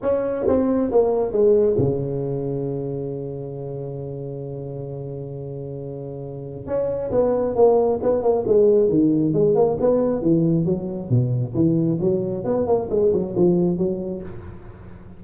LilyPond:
\new Staff \with { instrumentName = "tuba" } { \time 4/4 \tempo 4 = 135 cis'4 c'4 ais4 gis4 | cis1~ | cis1~ | cis2. cis'4 |
b4 ais4 b8 ais8 gis4 | dis4 gis8 ais8 b4 e4 | fis4 b,4 e4 fis4 | b8 ais8 gis8 fis8 f4 fis4 | }